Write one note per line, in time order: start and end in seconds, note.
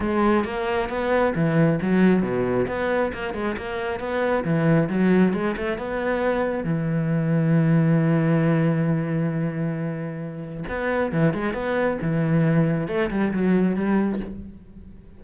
0.00 0.44 G#3
0.44 0.89 A#3
0.89 1.33 B3
1.35 1.79 E3
1.81 2.22 F#3
2.22 2.66 B2
2.67 3.12 B3
3.13 3.33 A#3
3.33 3.56 G#3
3.57 3.99 A#3
3.99 4.44 B3
4.44 4.88 E3
4.89 5.33 F#3
5.33 5.55 G#3
5.56 5.78 A3
5.78 6.64 B3
6.64 10.64 E3
10.68 11.12 B3
11.12 11.33 E3
11.33 11.53 G#3
11.53 11.98 B3
12.01 12.87 E3
12.87 13.09 A3
13.10 13.32 G3
13.33 13.75 F#3
13.75 14.20 G3